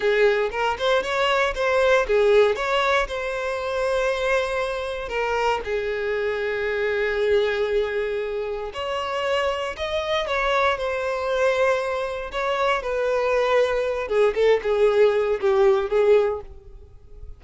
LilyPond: \new Staff \with { instrumentName = "violin" } { \time 4/4 \tempo 4 = 117 gis'4 ais'8 c''8 cis''4 c''4 | gis'4 cis''4 c''2~ | c''2 ais'4 gis'4~ | gis'1~ |
gis'4 cis''2 dis''4 | cis''4 c''2. | cis''4 b'2~ b'8 gis'8 | a'8 gis'4. g'4 gis'4 | }